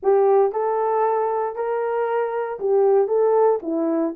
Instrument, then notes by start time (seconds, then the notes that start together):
horn
0.02 G4
0.52 A4
1.55 A#4
2.59 G4
3.07 A4
3.62 E4